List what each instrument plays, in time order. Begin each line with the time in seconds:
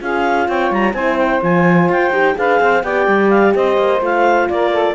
0.00 cello C#4, horn F4, saxophone G#4, clarinet F5
0.47 cello C4, saxophone C#5, clarinet G5
0.71 cello G3, clarinet A#5
0.94 cello C4, horn E4, saxophone C5, clarinet G#5
1.18 clarinet G5
1.42 cello F3, horn F4, clarinet G#5
1.89 cello F4, clarinet G5
2.11 cello D#4, horn G4
2.35 cello D4, horn G#4, saxophone B4, clarinet F5
2.60 cello C4, saxophone C5
2.83 cello B3, horn G4, saxophone D5, clarinet G5
3.07 cello G3
3.30 clarinet F5
3.55 cello C4, saxophone C5, clarinet D#5
3.78 cello A#3
4.01 cello A3, horn F4, clarinet F5
4.49 cello A#3, saxophone A#4, clarinet D5
4.72 saxophone A4